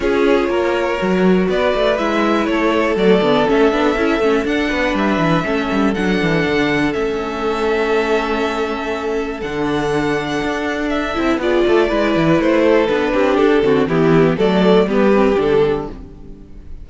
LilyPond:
<<
  \new Staff \with { instrumentName = "violin" } { \time 4/4 \tempo 4 = 121 cis''2. d''4 | e''4 cis''4 d''4 e''4~ | e''4 fis''4 e''2 | fis''2 e''2~ |
e''2. fis''4~ | fis''2 e''4 d''4~ | d''4 c''4 b'4 a'4 | g'4 d''4 b'4 a'4 | }
  \new Staff \with { instrumentName = "violin" } { \time 4/4 gis'4 ais'2 b'4~ | b'4 a'2.~ | a'4. b'4. a'4~ | a'1~ |
a'1~ | a'2. gis'8 a'8 | b'4. a'4 g'4 fis'8 | e'4 a'4 g'2 | }
  \new Staff \with { instrumentName = "viola" } { \time 4/4 f'2 fis'2 | e'2 a8 b8 cis'8 d'8 | e'8 cis'8 d'2 cis'4 | d'2 cis'2~ |
cis'2. d'4~ | d'2~ d'8 e'8 f'4 | e'2 d'4. c'8 | b4 a4 b8 c'8 d'4 | }
  \new Staff \with { instrumentName = "cello" } { \time 4/4 cis'4 ais4 fis4 b8 a8 | gis4 a4 fis8 d8 a8 b8 | cis'8 a8 d'8 b8 g8 e8 a8 g8 | fis8 e8 d4 a2~ |
a2. d4~ | d4 d'4. c'8 b8 a8 | gis8 e8 a4 b8 c'8 d'8 d8 | e4 fis4 g4 d4 | }
>>